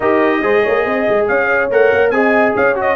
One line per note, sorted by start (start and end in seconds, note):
0.00 0.42 D#4
0.00 0.42 G4
0.00 0.41 A#4
0.00 1.26 D#5
0.42 0.64 G#3
0.42 1.70 G#4
0.42 0.63 C5
0.63 0.85 A#3
0.63 0.84 C#5
0.85 1.06 C4
0.85 1.27 D#5
1.09 1.29 G#3
1.27 1.70 C#4
1.27 2.14 C#5
1.27 1.70 F5
1.70 1.91 A3
1.70 2.13 A#4
1.70 2.10 F#5
1.92 2.11 A#3
2.10 2.53 C4
2.10 2.75 G#4
2.10 2.55 D#5
2.10 2.53 G#5
2.55 2.95 C#4
2.55 2.95 C#5
2.55 2.77 F5
2.75 2.95 F#4
2.75 2.95 D#5